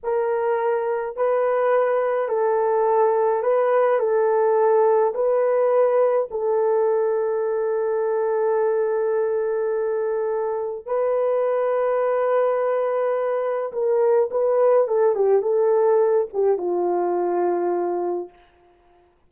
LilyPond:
\new Staff \with { instrumentName = "horn" } { \time 4/4 \tempo 4 = 105 ais'2 b'2 | a'2 b'4 a'4~ | a'4 b'2 a'4~ | a'1~ |
a'2. b'4~ | b'1 | ais'4 b'4 a'8 g'8 a'4~ | a'8 g'8 f'2. | }